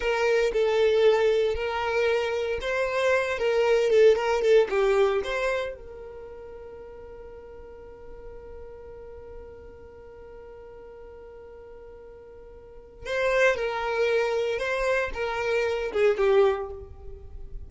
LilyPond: \new Staff \with { instrumentName = "violin" } { \time 4/4 \tempo 4 = 115 ais'4 a'2 ais'4~ | ais'4 c''4. ais'4 a'8 | ais'8 a'8 g'4 c''4 ais'4~ | ais'1~ |
ais'1~ | ais'1~ | ais'4 c''4 ais'2 | c''4 ais'4. gis'8 g'4 | }